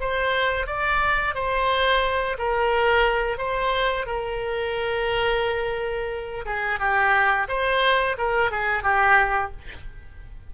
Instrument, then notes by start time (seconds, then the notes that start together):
oboe
0.00 C5
0.67 D5
1.35 C5
2.38 A#4
3.37 C5
4.06 A#4
6.45 G#4
6.79 G4
7.48 C5
8.18 A#4
8.51 G#4
8.83 G4